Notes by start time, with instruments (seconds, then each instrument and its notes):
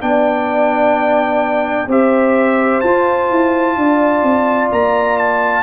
0.00 tuba B3, trombone D4, horn D5, trumpet G5
1.87 tuba C4, trombone G4, horn C5, trumpet E5
2.80 tuba F4, trombone F4, trumpet A5
3.29 tuba E4
3.76 tuba D4, horn D5
4.22 tuba C4
4.71 tuba A#3, trumpet A#5
5.17 trumpet A5